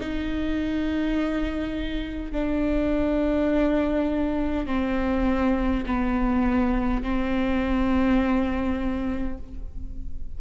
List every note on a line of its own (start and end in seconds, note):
0.00 2.32 D#4
2.32 4.66 D4
4.66 5.84 C4
5.86 7.03 B3
7.03 9.38 C4